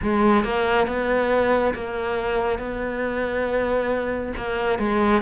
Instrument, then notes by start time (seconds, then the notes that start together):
cello
0.02 G#3
0.43 A#3
0.87 B3
1.74 A#3
2.58 B3
4.37 A#3
4.78 G#3